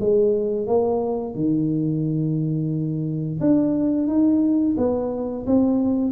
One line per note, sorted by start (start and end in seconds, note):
0.00 0.67 G#3
0.67 1.35 A#3
1.35 3.40 D#3
3.41 4.08 D4
4.08 4.76 D#4
4.78 5.46 B3
5.46 6.12 C4